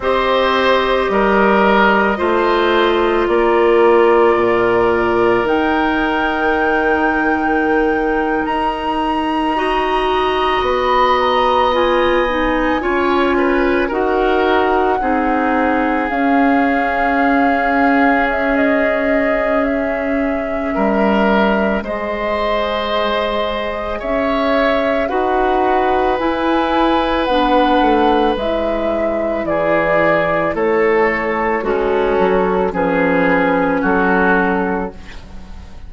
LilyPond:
<<
  \new Staff \with { instrumentName = "flute" } { \time 4/4 \tempo 4 = 55 dis''2. d''4~ | d''4 g''2~ g''8. ais''16~ | ais''4.~ ais''16 b''8 ais''8 gis''4~ gis''16~ | gis''8. fis''2 f''4~ f''16~ |
f''8. e''16 dis''4 e''2 | dis''2 e''4 fis''4 | gis''4 fis''4 e''4 d''4 | cis''4 a'4 b'4 a'4 | }
  \new Staff \with { instrumentName = "oboe" } { \time 4/4 c''4 ais'4 c''4 ais'4~ | ais'1~ | ais'8. dis''2. cis''16~ | cis''16 b'8 ais'4 gis'2~ gis'16~ |
gis'2. ais'4 | c''2 cis''4 b'4~ | b'2. gis'4 | a'4 cis'4 gis'4 fis'4 | }
  \new Staff \with { instrumentName = "clarinet" } { \time 4/4 g'2 f'2~ | f'4 dis'2.~ | dis'8. fis'2 f'8 dis'8 f'16~ | f'8. fis'4 dis'4 cis'4~ cis'16~ |
cis'1 | gis'2. fis'4 | e'4 d'4 e'2~ | e'4 fis'4 cis'2 | }
  \new Staff \with { instrumentName = "bassoon" } { \time 4/4 c'4 g4 a4 ais4 | ais,4 dis2~ dis8. dis'16~ | dis'4.~ dis'16 b2 cis'16~ | cis'8. dis'4 c'4 cis'4~ cis'16~ |
cis'2. g4 | gis2 cis'4 dis'4 | e'4 b8 a8 gis4 e4 | a4 gis8 fis8 f4 fis4 | }
>>